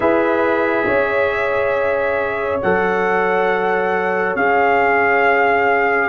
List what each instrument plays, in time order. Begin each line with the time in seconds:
0.00 tuba E4, trombone G#4, horn B4, trumpet E5
0.86 tuba C#4, horn C#5
2.62 tuba F#3, trombone A4, trumpet F#5
4.35 tuba C#4, trombone G#4, trumpet F5